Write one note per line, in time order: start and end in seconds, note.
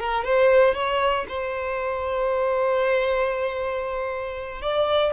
0.00 0.24 A#4
0.24 0.75 C5
0.75 1.26 C#5
1.28 4.62 C5
4.62 5.13 D5